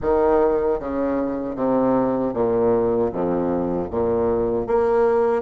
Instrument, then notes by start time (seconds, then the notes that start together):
bassoon
0.01 D#3
0.79 C#3
1.55 C3
2.33 A#2
3.12 F2
3.90 A#2
4.66 A#3